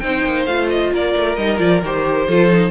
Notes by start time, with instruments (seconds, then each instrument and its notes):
0.00 cello C4, viola D#4, violin C5 G5
0.25 cello A#3
0.46 cello A3, viola F4, violin F5
0.70 violin D#5
0.93 cello A#3, violin A#4 D5
1.17 cello A3
1.36 cello G3, viola D#4, violin D#5
1.58 cello F3, viola F4, violin D5
1.82 cello D#3, viola G4, violin C5
2.28 cello F3, viola F4, violin A4
2.52 viola D#4